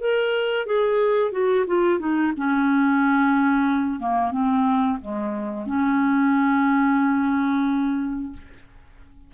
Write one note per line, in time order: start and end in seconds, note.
0.00 0.65 A#4
0.65 1.32 G#4
1.32 1.65 F#4
1.66 1.99 F4
1.99 2.32 D#4
2.37 3.99 C#4
3.99 4.31 A#3
4.31 4.98 C4
5.01 5.66 G#3
5.66 8.32 C#4